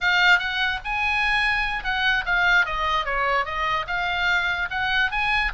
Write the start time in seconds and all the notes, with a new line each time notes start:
0.00 F5
0.38 F#5
0.84 G#5
1.84 F#5
2.25 F5
2.65 D#5
3.05 C#5
3.45 D#5
3.87 F5
4.70 F#5
5.11 G#5